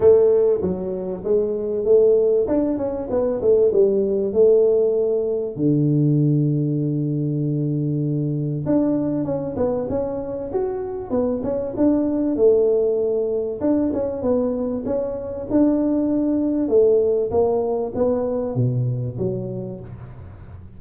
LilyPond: \new Staff \with { instrumentName = "tuba" } { \time 4/4 \tempo 4 = 97 a4 fis4 gis4 a4 | d'8 cis'8 b8 a8 g4 a4~ | a4 d2.~ | d2 d'4 cis'8 b8 |
cis'4 fis'4 b8 cis'8 d'4 | a2 d'8 cis'8 b4 | cis'4 d'2 a4 | ais4 b4 b,4 fis4 | }